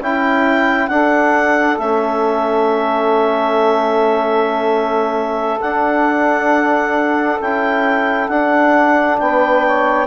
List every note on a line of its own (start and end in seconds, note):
0.00 0.89 C#4
0.00 0.90 E4
0.00 0.87 G5
0.87 1.78 D4
0.87 1.79 D4
0.87 9.19 A4
0.87 1.77 F#5
1.78 5.59 A3
1.78 5.60 C#4
1.78 5.60 E5
5.60 7.40 D4
5.60 7.41 D4
5.60 7.40 F#5
7.41 8.29 C#4
7.41 8.30 E4
7.41 8.28 G5
8.28 9.18 D4
8.28 10.06 D4
8.28 9.18 F#5
9.18 10.06 B3
9.18 9.66 B4
9.18 10.06 G5
9.66 10.06 C#5